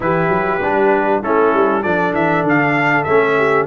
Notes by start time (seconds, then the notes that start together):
0.00 E3 E4 G4 B4
0.28 F#3
0.60 G3 D4
1.23 A3 C#4 E4 A4
1.53 G3
1.81 F3 D4 A4 D5
2.12 E3 E5
2.42 D3 F5
3.03 A3 C#4 E5
3.37 G4